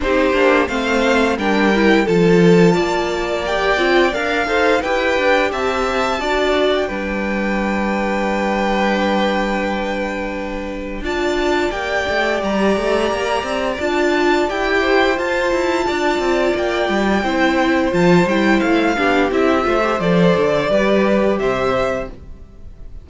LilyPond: <<
  \new Staff \with { instrumentName = "violin" } { \time 4/4 \tempo 4 = 87 c''4 f''4 g''4 a''4~ | a''4 g''4 f''4 g''4 | a''4.~ a''16 g''2~ g''16~ | g''1 |
a''4 g''4 ais''2 | a''4 g''4 a''2 | g''2 a''8 g''8 f''4 | e''4 d''2 e''4 | }
  \new Staff \with { instrumentName = "violin" } { \time 4/4 g'4 c''4 ais'4 a'4 | d''2~ d''8 c''8 b'4 | e''4 d''4 b'2~ | b'1 |
d''1~ | d''4. c''4. d''4~ | d''4 c''2~ c''8 g'8~ | g'8 c''4. b'4 c''4 | }
  \new Staff \with { instrumentName = "viola" } { \time 4/4 dis'8 d'8 c'4 d'8 e'8 f'4~ | f'4 g'8 f'8 ais'8 a'8 g'4~ | g'4 fis'4 d'2~ | d'1 |
f'4 g'2. | f'4 g'4 f'2~ | f'4 e'4 f'8 e'4 d'8 | e'8 f'16 g'16 a'4 g'2 | }
  \new Staff \with { instrumentName = "cello" } { \time 4/4 c'8 ais8 a4 g4 f4 | ais4. c'8 d'8 dis'8 e'8 d'8 | c'4 d'4 g2~ | g1 |
d'4 ais8 a8 g8 a8 ais8 c'8 | d'4 e'4 f'8 e'8 d'8 c'8 | ais8 g8 c'4 f8 g8 a8 b8 | c'8 a8 f8 d8 g4 c4 | }
>>